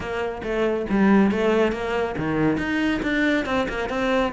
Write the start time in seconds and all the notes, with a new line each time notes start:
0.00 A#3
0.43 A3
0.89 G3
1.31 A3
1.72 A#3
2.17 D#3
2.57 D#4
3.02 D4
3.45 C4
3.68 A#3
3.89 C4